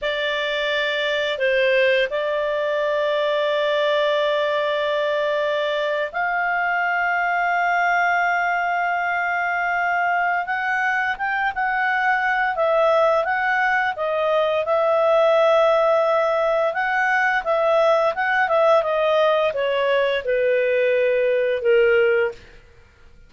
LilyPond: \new Staff \with { instrumentName = "clarinet" } { \time 4/4 \tempo 4 = 86 d''2 c''4 d''4~ | d''1~ | d''8. f''2.~ f''16~ | f''2. fis''4 |
g''8 fis''4. e''4 fis''4 | dis''4 e''2. | fis''4 e''4 fis''8 e''8 dis''4 | cis''4 b'2 ais'4 | }